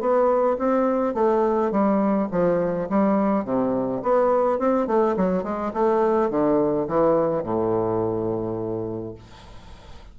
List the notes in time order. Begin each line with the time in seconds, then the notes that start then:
0.00 B3
0.58 C4
1.14 A3
1.71 G3
2.31 F3
2.89 G3
3.45 C3
4.03 B3
4.59 C4
4.87 A3
5.16 F#3
5.43 G#3
5.73 A3
6.30 D3
6.88 E3
7.43 A2